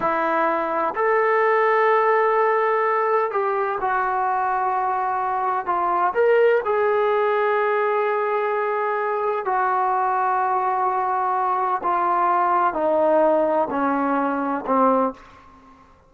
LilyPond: \new Staff \with { instrumentName = "trombone" } { \time 4/4 \tempo 4 = 127 e'2 a'2~ | a'2. g'4 | fis'1 | f'4 ais'4 gis'2~ |
gis'1 | fis'1~ | fis'4 f'2 dis'4~ | dis'4 cis'2 c'4 | }